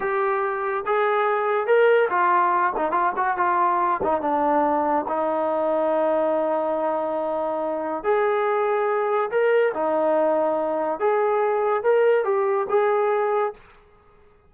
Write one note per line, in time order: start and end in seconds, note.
0.00 0.84 G4
0.85 1.66 G#4
1.66 2.09 A#4
2.10 2.73 F4
2.77 2.91 D#4
2.91 3.12 F4
3.16 3.37 F#4
3.37 4.00 F4
4.03 4.21 D#4
4.21 5.05 D4
5.08 8.03 D#4
8.03 9.30 G#4
9.30 9.73 A#4
9.74 10.99 D#4
10.99 11.83 G#4
11.83 12.24 A#4
12.24 12.66 G4
12.69 13.53 G#4